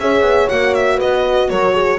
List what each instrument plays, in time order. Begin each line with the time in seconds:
0.00 double bass C#4, horn G#4 C#5, violin E5
0.21 double bass B3
0.49 double bass A#3, horn F#4, violin F#5
0.74 violin E5
0.96 double bass B3, horn B4, violin D#5
1.49 double bass F#3, horn A#4, violin C#5
1.73 horn G#4